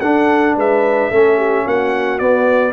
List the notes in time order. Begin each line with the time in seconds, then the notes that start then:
0.00 D4 A4 F#5
0.56 G#3 B4 E5
1.11 A3 C#4 A4
1.37 G4
1.65 A#3 F#4 F#5
2.19 B3 D5